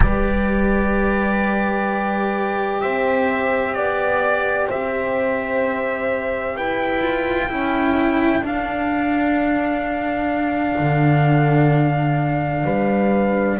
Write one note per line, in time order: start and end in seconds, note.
0.00 2.82 G3
0.00 7.00 G4
0.00 2.81 B4
0.00 2.80 D5
2.80 3.76 C4
2.80 3.75 C5
2.80 3.73 E5
3.73 4.69 B3
3.73 4.67 D5
4.67 6.56 C4
4.67 6.55 C5
4.67 6.56 E5
6.56 7.49 E4
6.56 7.49 B4
6.56 8.44 G5
7.02 7.48 F4
7.48 8.40 C#4
7.48 8.42 E4
7.48 12.63 A4
8.40 10.74 D4
8.40 13.59 D4
8.40 13.59 F5
10.78 12.64 D3
12.63 13.58 G3
12.63 13.57 B4